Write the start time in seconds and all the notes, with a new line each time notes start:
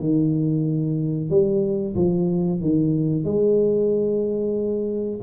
0.00 D#3
1.30 G3
1.96 F3
2.61 D#3
3.25 G#3